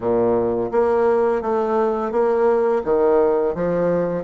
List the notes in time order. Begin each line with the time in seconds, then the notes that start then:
0.00 A#2
0.71 A#3
1.41 A3
2.11 A#3
2.84 D#3
3.54 F3